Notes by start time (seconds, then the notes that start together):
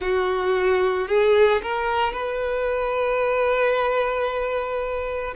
0.00 F#4
1.08 G#4
1.62 A#4
2.12 B4